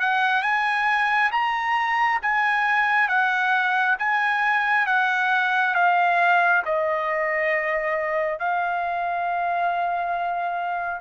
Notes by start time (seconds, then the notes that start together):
0.00 F#5
0.43 G#5
1.32 A#5
2.22 G#5
3.08 F#5
3.99 G#5
4.86 F#5
5.74 F5
6.65 D#5
8.39 F5